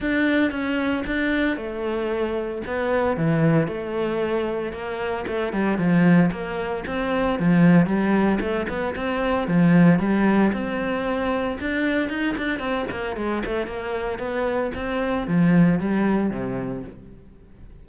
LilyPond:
\new Staff \with { instrumentName = "cello" } { \time 4/4 \tempo 4 = 114 d'4 cis'4 d'4 a4~ | a4 b4 e4 a4~ | a4 ais4 a8 g8 f4 | ais4 c'4 f4 g4 |
a8 b8 c'4 f4 g4 | c'2 d'4 dis'8 d'8 | c'8 ais8 gis8 a8 ais4 b4 | c'4 f4 g4 c4 | }